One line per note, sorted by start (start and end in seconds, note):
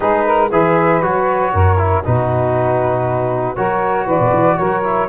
0.00 0.51 G#3
0.00 0.49 D#4
0.00 0.25 G#4
0.00 0.50 B4
0.25 0.50 A#4
0.51 1.02 E3
0.51 1.02 G#4
0.51 1.52 B4
0.51 1.02 E5
1.02 1.53 F#3
1.02 1.77 F#4
1.02 2.03 C#5
1.52 2.04 F#2
1.52 2.03 A#4
1.77 2.03 E4
2.04 3.57 B2
2.04 3.55 D#4
2.04 3.56 F#4
2.04 3.55 B4
3.55 4.06 F#3
3.55 4.83 F#4
3.55 4.05 A#4
3.55 4.06 C#5
4.05 4.19 E3
4.05 4.56 B4
4.05 4.57 D5
4.19 4.32 B2
4.32 4.58 E3
4.57 5.08 F#3
4.57 5.08 A#4
4.57 5.08 C#5
4.83 5.08 E4